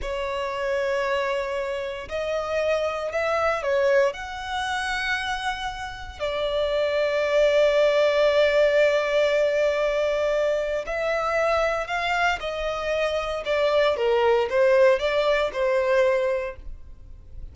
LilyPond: \new Staff \with { instrumentName = "violin" } { \time 4/4 \tempo 4 = 116 cis''1 | dis''2 e''4 cis''4 | fis''1 | d''1~ |
d''1~ | d''4 e''2 f''4 | dis''2 d''4 ais'4 | c''4 d''4 c''2 | }